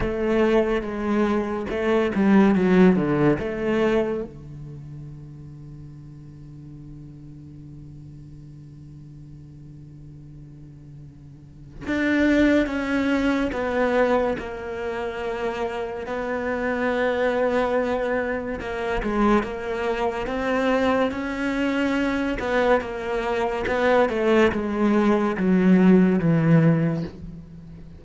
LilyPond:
\new Staff \with { instrumentName = "cello" } { \time 4/4 \tempo 4 = 71 a4 gis4 a8 g8 fis8 d8 | a4 d2.~ | d1~ | d2 d'4 cis'4 |
b4 ais2 b4~ | b2 ais8 gis8 ais4 | c'4 cis'4. b8 ais4 | b8 a8 gis4 fis4 e4 | }